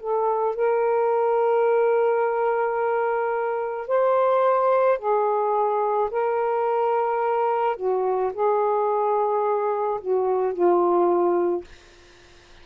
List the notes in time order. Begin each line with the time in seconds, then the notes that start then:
0.00 A4
0.55 A#4
3.88 C5
4.99 G#4
6.11 A#4
7.77 F#4
8.33 G#4
10.01 F#4
10.54 F4